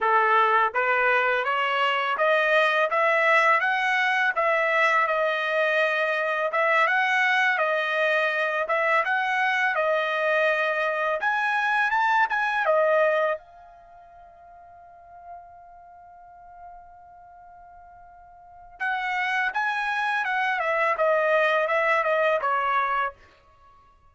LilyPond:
\new Staff \with { instrumentName = "trumpet" } { \time 4/4 \tempo 4 = 83 a'4 b'4 cis''4 dis''4 | e''4 fis''4 e''4 dis''4~ | dis''4 e''8 fis''4 dis''4. | e''8 fis''4 dis''2 gis''8~ |
gis''8 a''8 gis''8 dis''4 f''4.~ | f''1~ | f''2 fis''4 gis''4 | fis''8 e''8 dis''4 e''8 dis''8 cis''4 | }